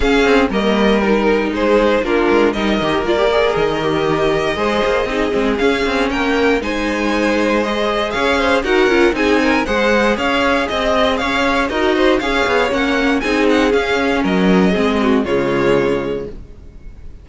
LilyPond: <<
  \new Staff \with { instrumentName = "violin" } { \time 4/4 \tempo 4 = 118 f''4 dis''4 ais'4 c''4 | ais'4 dis''4 d''4 dis''4~ | dis''2. f''4 | g''4 gis''2 dis''4 |
f''4 fis''4 gis''4 fis''4 | f''4 dis''4 f''4 dis''4 | f''4 fis''4 gis''8 fis''8 f''4 | dis''2 cis''2 | }
  \new Staff \with { instrumentName = "violin" } { \time 4/4 gis'4 ais'2 gis'4 | f'4 ais'2.~ | ais'4 c''4 gis'2 | ais'4 c''2. |
cis''8 c''8 ais'4 gis'8 ais'8 c''4 | cis''4 dis''4 cis''4 ais'8 c''8 | cis''2 gis'2 | ais'4 gis'8 fis'8 f'2 | }
  \new Staff \with { instrumentName = "viola" } { \time 4/4 cis'4 ais4 dis'2 | d'4 dis'8 g'8 f'16 g'16 gis'4 g'8~ | g'4 gis'4 dis'8 c'8 cis'4~ | cis'4 dis'2 gis'4~ |
gis'4 fis'8 f'8 dis'4 gis'4~ | gis'2. fis'4 | gis'4 cis'4 dis'4 cis'4~ | cis'4 c'4 gis2 | }
  \new Staff \with { instrumentName = "cello" } { \time 4/4 cis'8 c'8 g2 gis4 | ais8 gis8 g8 dis8 ais4 dis4~ | dis4 gis8 ais8 c'8 gis8 cis'8 c'8 | ais4 gis2. |
cis'4 dis'8 cis'8 c'4 gis4 | cis'4 c'4 cis'4 dis'4 | cis'8 b8 ais4 c'4 cis'4 | fis4 gis4 cis2 | }
>>